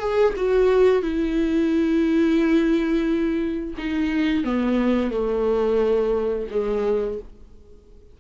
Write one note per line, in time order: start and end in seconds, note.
0.00 0.34 G#4
0.37 1.02 F#4
1.02 3.75 E4
3.78 4.44 D#4
4.44 5.11 B3
5.11 6.47 A3
6.51 7.19 G#3